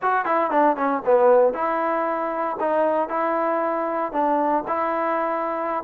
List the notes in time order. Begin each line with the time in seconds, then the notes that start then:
0.02 F#4
0.25 E4
0.50 D4
0.76 C#4
1.05 B3
1.53 E4
2.60 D#4
3.08 E4
4.12 D4
4.67 E4